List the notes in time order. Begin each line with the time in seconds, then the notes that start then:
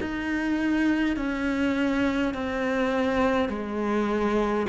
0.00 D#4
1.16 C#4
2.34 C4
3.49 G#3